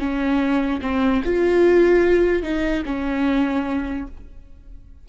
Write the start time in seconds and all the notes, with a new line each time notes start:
0.00 C#4
0.82 C4
1.25 F4
2.43 D#4
2.86 C#4